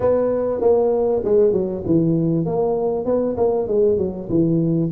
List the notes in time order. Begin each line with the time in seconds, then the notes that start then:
0.00 B3
0.60 A#3
1.24 G#3
1.52 F#3
1.86 E3
2.45 A#3
3.05 B3
3.36 A#3
3.67 G#3
3.97 F#3
4.29 E3